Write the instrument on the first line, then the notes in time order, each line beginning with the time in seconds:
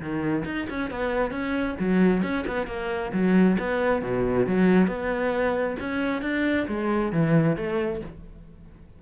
cello
0.00 D#3
0.45 D#4
0.70 C#4
0.91 B3
1.32 C#4
1.80 F#3
2.23 C#4
2.47 B3
2.67 A#3
3.13 F#3
3.59 B3
4.03 B2
4.47 F#3
4.88 B3
5.80 C#4
6.22 D4
6.68 G#3
7.13 E3
7.57 A3